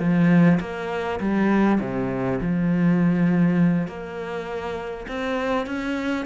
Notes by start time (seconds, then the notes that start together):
0.00 F3
0.60 A#3
1.20 G3
1.81 C3
2.42 F3
3.88 A#3
5.08 C4
5.67 C#4